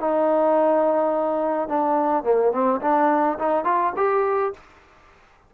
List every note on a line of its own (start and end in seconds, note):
0.00 1.69 D#4
1.69 2.24 D4
2.24 2.52 A#3
2.52 2.80 C4
2.81 3.38 D4
3.39 3.64 D#4
3.64 3.93 F4
3.96 4.53 G4